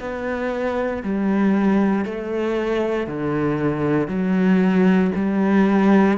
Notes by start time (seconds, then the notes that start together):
0.00 B3
1.03 G3
2.05 A3
3.07 D3
4.08 F#3
5.15 G3